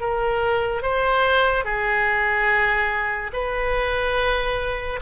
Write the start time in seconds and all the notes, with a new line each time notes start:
0.00 A#4
0.82 C5
1.64 G#4
3.33 B4